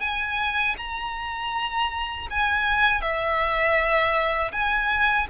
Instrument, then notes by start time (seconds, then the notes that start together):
violin
0.00 G#5
0.77 A#5
2.30 G#5
3.01 E5
4.52 G#5